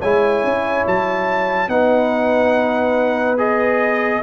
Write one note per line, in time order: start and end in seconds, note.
0.00 0.43 G#3
0.00 1.69 E4
0.00 1.69 C#5
0.00 0.85 G#5
0.43 0.85 C#4
0.86 1.68 F#3
0.86 1.69 A5
1.68 4.21 B3
1.68 3.37 D#4
1.68 4.23 B4
1.68 3.38 F#5
3.37 4.22 G#4
3.37 4.23 D#5